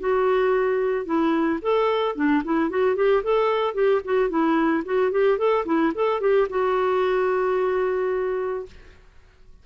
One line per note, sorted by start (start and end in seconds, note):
0.00 1.05 F#4
1.05 1.59 E4
1.62 2.16 A4
2.16 2.43 D4
2.44 2.70 E4
2.70 2.96 F#4
2.96 3.23 G4
3.24 3.74 A4
3.74 4.01 G4
4.05 4.29 F#4
4.29 4.84 E4
4.85 5.12 F#4
5.12 5.38 G4
5.38 5.65 A4
5.66 5.93 E4
5.95 6.21 A4
6.21 6.48 G4
6.50 8.66 F#4